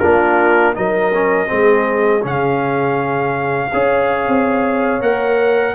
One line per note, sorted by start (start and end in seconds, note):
0.00 0.77 A#3
0.00 0.75 D4
0.00 0.74 F4
0.00 0.74 A#4
0.75 1.51 F#3
0.75 1.12 D#4
0.75 1.49 A#4
0.75 2.24 D#5
1.14 1.47 C#4
1.47 2.25 G#3
1.47 2.21 C4
1.47 3.71 G#4
2.23 3.73 C#3
2.23 3.71 C#4
2.23 5.03 F5
3.73 4.28 C#4
3.73 5.02 G#4
3.73 5.75 C#5
4.28 5.01 C4
5.01 5.75 A#3
5.01 5.75 A#4
5.01 5.75 F#5